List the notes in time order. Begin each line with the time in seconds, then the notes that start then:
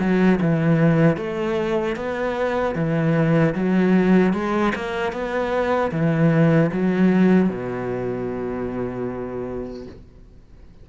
0.00 F#3
0.41 E3
1.17 A3
1.96 B3
2.76 E3
3.55 F#3
4.33 G#3
4.75 A#3
5.12 B3
5.92 E3
6.72 F#3
7.50 B2